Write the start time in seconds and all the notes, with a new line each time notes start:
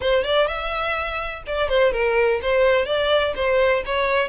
0.00 C5
0.24 D5
0.47 E5
1.46 D5
1.68 C5
1.92 A#4
2.41 C5
2.85 D5
3.35 C5
3.85 C#5